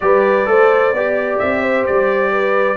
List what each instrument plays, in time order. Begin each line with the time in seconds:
0.00 tuba G3, trombone G4, horn B4, trumpet D5
0.45 tuba A3, trombone A4, horn C5
0.93 tuba B3, trombone G4, horn D5
1.38 tuba C4, trumpet E5
1.61 horn C5
1.85 tuba G3, trumpet D5
2.31 horn B4